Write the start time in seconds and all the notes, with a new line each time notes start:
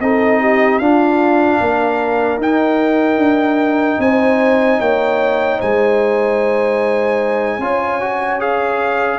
0.00 C4 D#4 A4 D#5
0.40 G4
0.79 D4 F4 F5
1.60 A#3 A#4
2.38 D#4 G5
3.17 D4
3.99 C4 C5 G#5
4.80 A#3 C#5 G5
5.58 G#3 C5 G#5
7.59 C#4 F4 C#5
8.01 F#4
8.40 G#4 F5